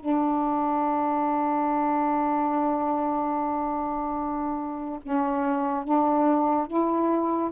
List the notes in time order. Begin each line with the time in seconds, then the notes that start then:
0.00 D4
5.03 C#4
5.84 D4
6.67 E4